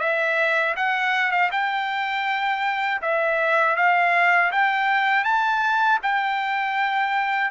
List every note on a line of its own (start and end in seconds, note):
0.00 0.75 E5
0.76 1.31 F#5
1.31 1.50 F5
1.51 3.01 G5
3.02 3.76 E5
3.76 4.51 F5
4.52 5.24 G5
5.24 5.99 A5
6.02 7.51 G5